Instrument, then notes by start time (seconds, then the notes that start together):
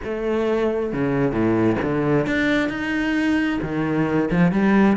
cello
0.03 A3
0.92 C#3
1.31 A2
1.82 D3
2.26 D4
2.69 D#4
3.62 D#3
4.30 F3
4.51 G3